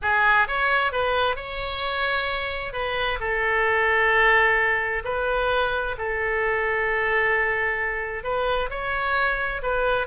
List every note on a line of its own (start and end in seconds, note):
0.01 0.47 G#4
0.47 0.92 C#5
0.92 1.36 B4
1.36 2.73 C#5
2.73 3.18 B4
3.20 5.03 A4
5.04 5.95 B4
5.98 8.23 A4
8.23 8.69 B4
8.69 9.61 C#5
9.62 10.07 B4